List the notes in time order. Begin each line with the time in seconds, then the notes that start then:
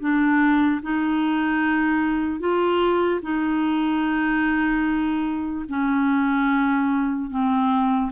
0.00 D4
0.82 D#4
2.40 F4
3.22 D#4
5.69 C#4
7.30 C4